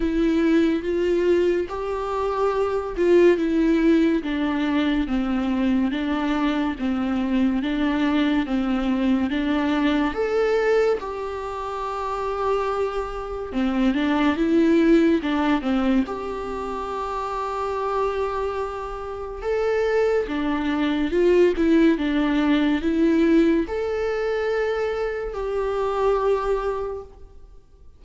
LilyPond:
\new Staff \with { instrumentName = "viola" } { \time 4/4 \tempo 4 = 71 e'4 f'4 g'4. f'8 | e'4 d'4 c'4 d'4 | c'4 d'4 c'4 d'4 | a'4 g'2. |
c'8 d'8 e'4 d'8 c'8 g'4~ | g'2. a'4 | d'4 f'8 e'8 d'4 e'4 | a'2 g'2 | }